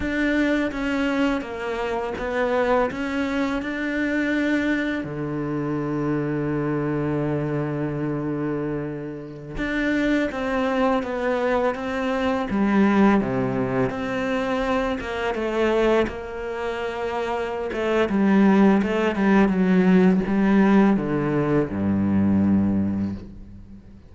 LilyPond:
\new Staff \with { instrumentName = "cello" } { \time 4/4 \tempo 4 = 83 d'4 cis'4 ais4 b4 | cis'4 d'2 d4~ | d1~ | d4~ d16 d'4 c'4 b8.~ |
b16 c'4 g4 c4 c'8.~ | c'8. ais8 a4 ais4.~ ais16~ | ais8 a8 g4 a8 g8 fis4 | g4 d4 g,2 | }